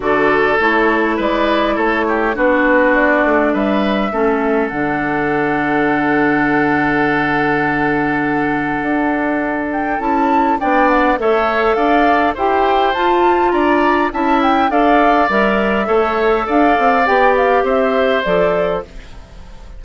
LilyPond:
<<
  \new Staff \with { instrumentName = "flute" } { \time 4/4 \tempo 4 = 102 d''4 cis''4 d''4 cis''4 | b'4 d''4 e''2 | fis''1~ | fis''1~ |
fis''8 g''8 a''4 g''8 fis''8 e''4 | f''4 g''4 a''4 ais''4 | a''8 g''8 f''4 e''2 | f''4 g''8 f''8 e''4 d''4 | }
  \new Staff \with { instrumentName = "oboe" } { \time 4/4 a'2 b'4 a'8 g'8 | fis'2 b'4 a'4~ | a'1~ | a'1~ |
a'2 d''4 cis''4 | d''4 c''2 d''4 | e''4 d''2 cis''4 | d''2 c''2 | }
  \new Staff \with { instrumentName = "clarinet" } { \time 4/4 fis'4 e'2. | d'2. cis'4 | d'1~ | d'1~ |
d'4 e'4 d'4 a'4~ | a'4 g'4 f'2 | e'4 a'4 ais'4 a'4~ | a'4 g'2 a'4 | }
  \new Staff \with { instrumentName = "bassoon" } { \time 4/4 d4 a4 gis4 a4 | b4. a8 g4 a4 | d1~ | d2. d'4~ |
d'4 cis'4 b4 a4 | d'4 e'4 f'4 d'4 | cis'4 d'4 g4 a4 | d'8 c'8 b4 c'4 f4 | }
>>